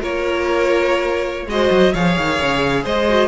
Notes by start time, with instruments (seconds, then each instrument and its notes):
0.00 cello A#3, viola F4, violin A#4 C#5
1.47 cello G#3, viola F#4, violin D#5
1.53 violin C5
1.71 cello F#3
1.93 cello F3, viola G#4, violin C#5 F5
2.18 cello D#3
2.42 cello C#3
2.84 cello G#3, violin C5 D#5
3.09 viola F#4